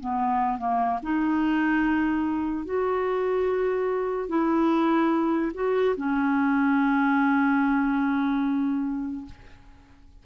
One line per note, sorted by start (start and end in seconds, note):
0.00 0.59 B3
0.59 1.00 A#3
1.03 2.66 D#4
2.66 4.29 F#4
4.29 5.52 E4
5.54 5.96 F#4
5.97 9.26 C#4